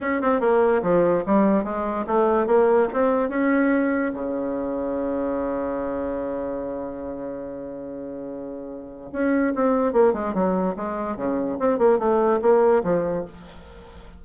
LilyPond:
\new Staff \with { instrumentName = "bassoon" } { \time 4/4 \tempo 4 = 145 cis'8 c'8 ais4 f4 g4 | gis4 a4 ais4 c'4 | cis'2 cis2~ | cis1~ |
cis1~ | cis2 cis'4 c'4 | ais8 gis8 fis4 gis4 cis4 | c'8 ais8 a4 ais4 f4 | }